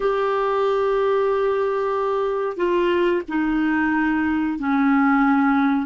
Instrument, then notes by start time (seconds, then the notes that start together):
clarinet
0.00 G4
2.56 F4
3.28 D#4
4.58 C#4